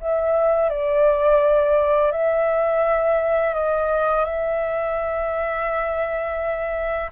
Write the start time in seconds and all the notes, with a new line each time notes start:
0.00 E5
0.69 D5
2.11 E5
3.54 D#5
4.25 E5